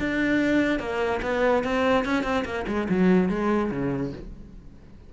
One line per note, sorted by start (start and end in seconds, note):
0.00 0.80 D4
0.80 1.21 A#3
1.23 1.64 B3
1.64 2.05 C4
2.05 2.24 C#4
2.24 2.44 C4
2.45 2.66 A#3
2.68 2.88 G#3
2.90 3.29 F#3
3.29 3.71 G#3
3.71 4.13 C#3